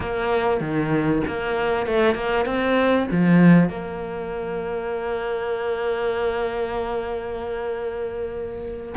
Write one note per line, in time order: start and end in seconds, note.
0.00 0.60 A#3
0.60 1.22 D#3
1.27 1.86 A#3
1.86 2.14 A3
2.14 2.45 A#3
2.45 3.07 C4
3.11 3.69 F3
3.69 8.95 A#3